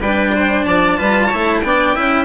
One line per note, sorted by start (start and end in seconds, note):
0.00 0.65 G3
0.00 0.98 D4
0.00 0.33 B4
0.00 0.65 G5
0.35 0.67 C5
0.65 0.99 F3
0.65 0.98 D5
0.65 1.60 A5
0.98 1.32 G3
0.98 1.30 F4
0.98 1.27 B4
1.27 1.64 E4
1.27 1.59 C#5
1.34 1.63 A3
1.60 1.96 B3
1.60 1.95 D4
1.60 2.25 G5
1.67 1.96 D5
1.95 2.25 C#4
1.95 2.25 E4
1.95 2.25 E5